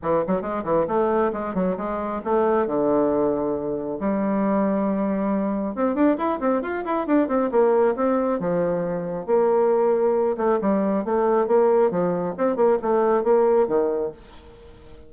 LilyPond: \new Staff \with { instrumentName = "bassoon" } { \time 4/4 \tempo 4 = 136 e8 fis8 gis8 e8 a4 gis8 fis8 | gis4 a4 d2~ | d4 g2.~ | g4 c'8 d'8 e'8 c'8 f'8 e'8 |
d'8 c'8 ais4 c'4 f4~ | f4 ais2~ ais8 a8 | g4 a4 ais4 f4 | c'8 ais8 a4 ais4 dis4 | }